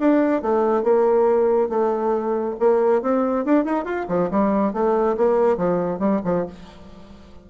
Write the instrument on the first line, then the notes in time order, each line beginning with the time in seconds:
bassoon
0.00 D4
0.43 A3
0.84 A#3
1.70 A3
2.60 A#3
3.03 C4
3.46 D4
3.65 D#4
3.85 F4
4.09 F3
4.31 G3
4.74 A3
5.18 A#3
5.58 F3
6.00 G3
6.25 F3